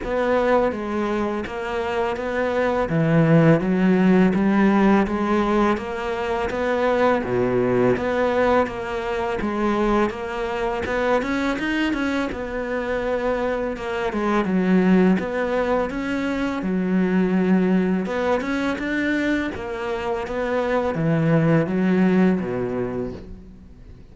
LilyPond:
\new Staff \with { instrumentName = "cello" } { \time 4/4 \tempo 4 = 83 b4 gis4 ais4 b4 | e4 fis4 g4 gis4 | ais4 b4 b,4 b4 | ais4 gis4 ais4 b8 cis'8 |
dis'8 cis'8 b2 ais8 gis8 | fis4 b4 cis'4 fis4~ | fis4 b8 cis'8 d'4 ais4 | b4 e4 fis4 b,4 | }